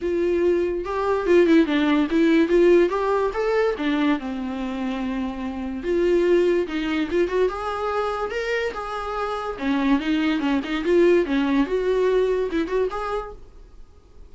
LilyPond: \new Staff \with { instrumentName = "viola" } { \time 4/4 \tempo 4 = 144 f'2 g'4 f'8 e'8 | d'4 e'4 f'4 g'4 | a'4 d'4 c'2~ | c'2 f'2 |
dis'4 f'8 fis'8 gis'2 | ais'4 gis'2 cis'4 | dis'4 cis'8 dis'8 f'4 cis'4 | fis'2 e'8 fis'8 gis'4 | }